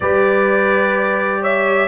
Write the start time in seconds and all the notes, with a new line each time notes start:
0.00 G3 G4 B4 D5
1.41 C#5 E5